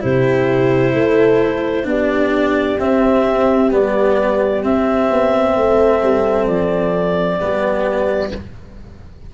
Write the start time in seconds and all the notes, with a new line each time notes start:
0.00 C3 E4 G4 C5
0.93 A3 A4
1.83 B3 D4 G4 D5
2.79 C4 E5
3.71 G3 B3 D5
4.63 C4 E5
5.11 B3
5.55 A3 A4
6.02 G3
6.47 F3 D5
7.39 G3 B3 G4